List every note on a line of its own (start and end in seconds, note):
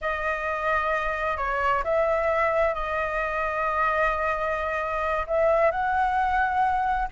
0.01 1.37 D#5
1.37 1.83 C#5
1.84 2.74 E5
2.74 5.26 D#5
5.27 5.71 E5
5.71 7.08 F#5